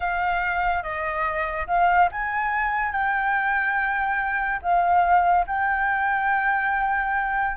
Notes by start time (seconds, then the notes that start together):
0.00 F5
0.83 D#5
1.67 F5
2.11 G#5
2.92 G5
4.62 F5
5.47 G5